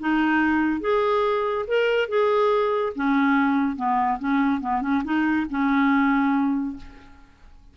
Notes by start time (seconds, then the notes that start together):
0.00 D#4
0.81 G#4
1.67 A#4
2.09 G#4
2.96 C#4
3.76 B3
4.19 C#4
4.61 B3
4.81 C#4
5.04 D#4
5.50 C#4